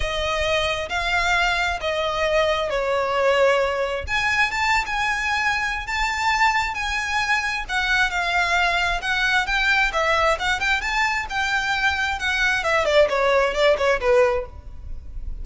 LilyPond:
\new Staff \with { instrumentName = "violin" } { \time 4/4 \tempo 4 = 133 dis''2 f''2 | dis''2 cis''2~ | cis''4 gis''4 a''8. gis''4~ gis''16~ | gis''4 a''2 gis''4~ |
gis''4 fis''4 f''2 | fis''4 g''4 e''4 fis''8 g''8 | a''4 g''2 fis''4 | e''8 d''8 cis''4 d''8 cis''8 b'4 | }